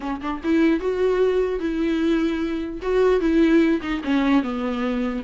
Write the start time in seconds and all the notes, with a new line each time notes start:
0.00 C#4
0.21 D4
0.43 E4
0.79 F#4
1.59 E4
2.82 F#4
3.20 E4
3.81 D#4
4.04 C#4
4.42 B3